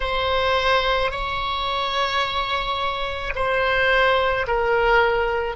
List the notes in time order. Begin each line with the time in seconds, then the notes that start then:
0.00 C5
1.11 C#5
3.35 C5
4.47 A#4